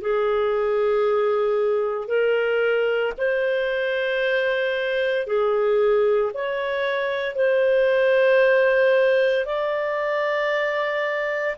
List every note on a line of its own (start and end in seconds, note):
0.00 2.07 G#4
2.07 3.12 A#4
3.17 5.26 C5
5.26 6.32 G#4
6.33 7.35 C#5
7.35 9.45 C5
9.45 11.56 D5